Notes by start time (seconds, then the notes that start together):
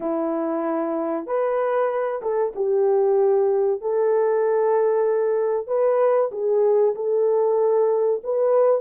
0.00 E4
1.26 B4
2.21 A4
2.55 G4
3.81 A4
5.67 B4
6.31 G#4
6.95 A4
8.23 B4